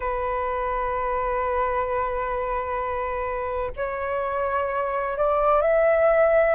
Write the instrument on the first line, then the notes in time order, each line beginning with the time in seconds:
flute
0.00 B4
3.76 C#5
5.16 D5
5.61 E5